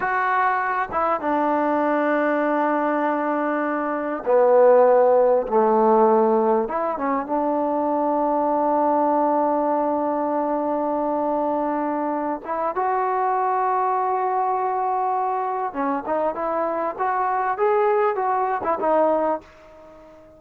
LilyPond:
\new Staff \with { instrumentName = "trombone" } { \time 4/4 \tempo 4 = 99 fis'4. e'8 d'2~ | d'2. b4~ | b4 a2 e'8 cis'8 | d'1~ |
d'1~ | d'8 e'8 fis'2.~ | fis'2 cis'8 dis'8 e'4 | fis'4 gis'4 fis'8. e'16 dis'4 | }